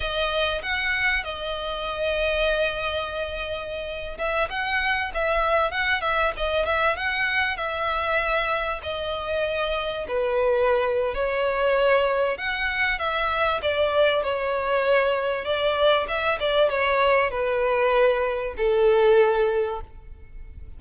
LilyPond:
\new Staff \with { instrumentName = "violin" } { \time 4/4 \tempo 4 = 97 dis''4 fis''4 dis''2~ | dis''2~ dis''8. e''8 fis''8.~ | fis''16 e''4 fis''8 e''8 dis''8 e''8 fis''8.~ | fis''16 e''2 dis''4.~ dis''16~ |
dis''16 b'4.~ b'16 cis''2 | fis''4 e''4 d''4 cis''4~ | cis''4 d''4 e''8 d''8 cis''4 | b'2 a'2 | }